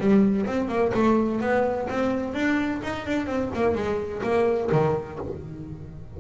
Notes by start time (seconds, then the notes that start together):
0.00 G3
0.46 C4
0.69 A#3
0.94 A3
1.41 B3
1.90 C4
2.34 D4
2.83 D#4
3.06 D4
3.27 C4
3.55 A#3
3.75 G#3
4.23 A#3
4.72 D#3